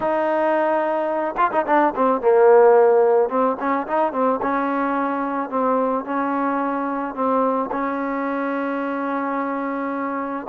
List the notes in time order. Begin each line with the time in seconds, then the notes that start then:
0.00 D#4
1.37 F4
1.51 D#4
1.66 D4
1.95 C4
2.21 A#3
3.29 C4
3.59 C#4
3.87 D#4
4.12 C4
4.42 C#4
5.49 C4
6.04 C#4
7.14 C4
7.71 C#4